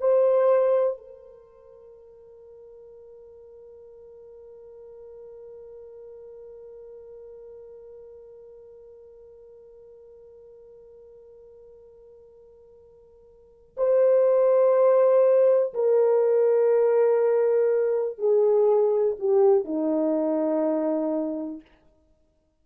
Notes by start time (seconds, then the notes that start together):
0.00 C5
0.97 A#4
13.77 C5
15.74 A#4
18.18 G#4
19.19 G4
19.65 D#4